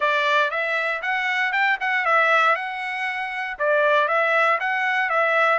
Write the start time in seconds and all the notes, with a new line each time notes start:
0.00 D5
0.50 E5
1.02 F#5
1.52 G5
1.80 F#5
2.05 E5
2.55 F#5
3.58 D5
4.08 E5
4.60 F#5
5.09 E5